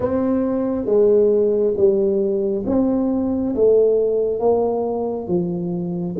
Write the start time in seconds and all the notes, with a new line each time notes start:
0.00 C4
0.85 G#3
1.76 G3
2.66 C4
3.55 A3
4.39 A#3
5.27 F3